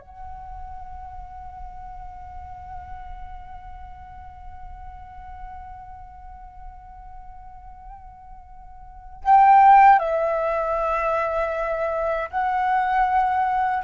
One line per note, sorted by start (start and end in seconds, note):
0.00 9.23 F#5
9.24 9.99 G5
9.99 12.30 E5
12.30 13.84 F#5